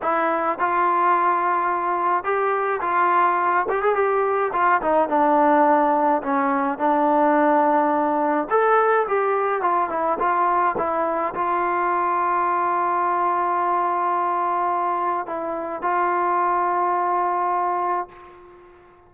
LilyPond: \new Staff \with { instrumentName = "trombone" } { \time 4/4 \tempo 4 = 106 e'4 f'2. | g'4 f'4. g'16 gis'16 g'4 | f'8 dis'8 d'2 cis'4 | d'2. a'4 |
g'4 f'8 e'8 f'4 e'4 | f'1~ | f'2. e'4 | f'1 | }